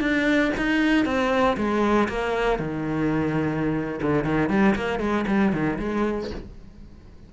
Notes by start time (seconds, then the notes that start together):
0.00 D4
0.56 D#4
1.05 C4
1.56 G#3
2.08 A#3
2.59 D#3
4.01 D3
4.24 D#3
4.49 G3
4.75 A#3
4.99 G#3
5.27 G3
5.52 D#3
5.79 G#3